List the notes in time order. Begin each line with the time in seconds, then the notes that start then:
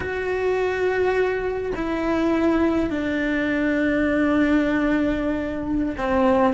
0.00 F#4
1.75 E4
2.89 D4
5.97 C4